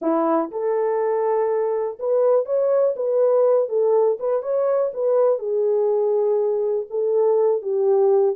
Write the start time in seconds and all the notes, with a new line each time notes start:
0.01 E4
0.51 A4
1.99 B4
2.45 C#5
2.96 B4
3.68 A4
4.19 B4
4.42 C#5
4.93 B4
5.39 G#4
6.90 A4
7.61 G4